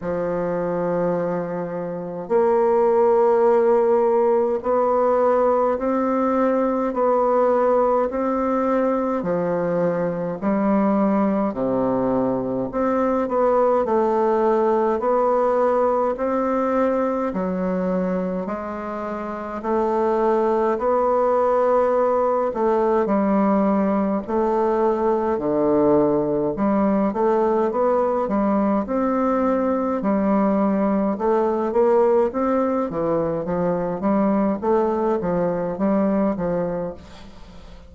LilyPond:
\new Staff \with { instrumentName = "bassoon" } { \time 4/4 \tempo 4 = 52 f2 ais2 | b4 c'4 b4 c'4 | f4 g4 c4 c'8 b8 | a4 b4 c'4 fis4 |
gis4 a4 b4. a8 | g4 a4 d4 g8 a8 | b8 g8 c'4 g4 a8 ais8 | c'8 e8 f8 g8 a8 f8 g8 f8 | }